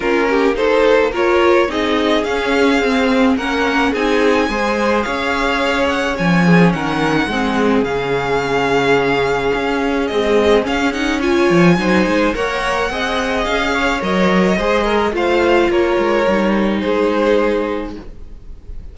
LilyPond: <<
  \new Staff \with { instrumentName = "violin" } { \time 4/4 \tempo 4 = 107 ais'4 c''4 cis''4 dis''4 | f''2 fis''4 gis''4~ | gis''4 f''4. fis''8 gis''4 | fis''2 f''2~ |
f''2 dis''4 f''8 fis''8 | gis''2 fis''2 | f''4 dis''2 f''4 | cis''2 c''2 | }
  \new Staff \with { instrumentName = "violin" } { \time 4/4 f'8 g'8 a'4 ais'4 gis'4~ | gis'2 ais'4 gis'4 | c''4 cis''2~ cis''8 gis'8 | ais'4 gis'2.~ |
gis'1 | cis''4 c''4 cis''4 dis''4~ | dis''8 cis''4. c''8 ais'8 c''4 | ais'2 gis'2 | }
  \new Staff \with { instrumentName = "viola" } { \time 4/4 cis'4 dis'4 f'4 dis'4 | cis'4 c'4 cis'4 dis'4 | gis'2. cis'4~ | cis'4 c'4 cis'2~ |
cis'2 gis4 cis'8 dis'8 | f'4 dis'4 ais'4 gis'4~ | gis'4 ais'4 gis'4 f'4~ | f'4 dis'2. | }
  \new Staff \with { instrumentName = "cello" } { \time 4/4 ais2. c'4 | cis'4 c'4 ais4 c'4 | gis4 cis'2 f4 | dis4 gis4 cis2~ |
cis4 cis'4 c'4 cis'4~ | cis'8 f8 fis8 gis8 ais4 c'4 | cis'4 fis4 gis4 a4 | ais8 gis8 g4 gis2 | }
>>